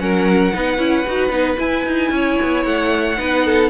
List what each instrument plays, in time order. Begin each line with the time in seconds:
0.00 cello F#3, viola C#4, violin A#4 F#5
0.54 cello B3, viola D#4, violin B4
0.78 cello C#4, viola E4
1.08 cello D#4, viola F#4
1.30 cello B3, viola D#4
1.58 viola E4, cello E4, violin G#5
1.86 cello D#4
2.11 cello C#4, violin C#5
2.43 cello B3
2.65 cello A3, violin F#5
3.18 cello B3, viola D#4, violin B4
3.45 violin A4